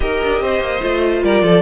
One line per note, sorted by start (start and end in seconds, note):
0.00 0.20 D#4
0.00 0.80 G4
0.00 0.42 A#4
0.00 1.23 D#5
0.22 0.41 D4
0.41 0.60 C4
0.41 1.23 C5
0.60 0.80 A#3
0.80 1.23 A3
0.80 1.62 F4
1.23 1.42 G3
1.23 1.43 A#4
1.23 1.62 D5
1.42 1.62 F3
1.42 1.62 A4